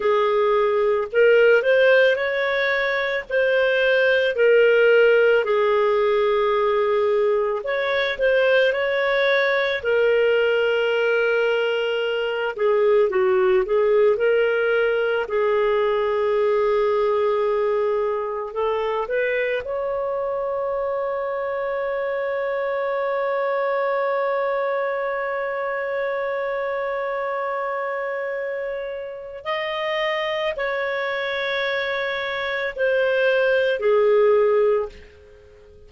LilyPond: \new Staff \with { instrumentName = "clarinet" } { \time 4/4 \tempo 4 = 55 gis'4 ais'8 c''8 cis''4 c''4 | ais'4 gis'2 cis''8 c''8 | cis''4 ais'2~ ais'8 gis'8 | fis'8 gis'8 ais'4 gis'2~ |
gis'4 a'8 b'8 cis''2~ | cis''1~ | cis''2. dis''4 | cis''2 c''4 gis'4 | }